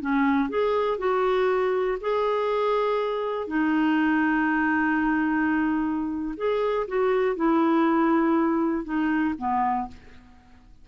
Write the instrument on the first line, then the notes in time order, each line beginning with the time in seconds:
clarinet
0.00 C#4
0.49 G#4
0.98 F#4
2.00 G#4
3.47 D#4
6.37 G#4
6.87 F#4
7.36 E4
8.84 D#4
9.38 B3